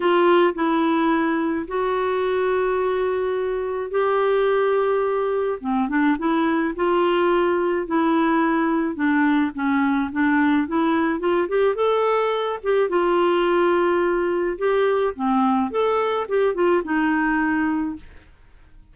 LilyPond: \new Staff \with { instrumentName = "clarinet" } { \time 4/4 \tempo 4 = 107 f'4 e'2 fis'4~ | fis'2. g'4~ | g'2 c'8 d'8 e'4 | f'2 e'2 |
d'4 cis'4 d'4 e'4 | f'8 g'8 a'4. g'8 f'4~ | f'2 g'4 c'4 | a'4 g'8 f'8 dis'2 | }